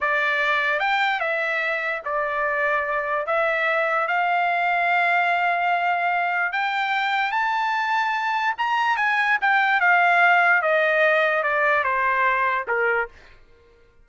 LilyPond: \new Staff \with { instrumentName = "trumpet" } { \time 4/4 \tempo 4 = 147 d''2 g''4 e''4~ | e''4 d''2. | e''2 f''2~ | f''1 |
g''2 a''2~ | a''4 ais''4 gis''4 g''4 | f''2 dis''2 | d''4 c''2 ais'4 | }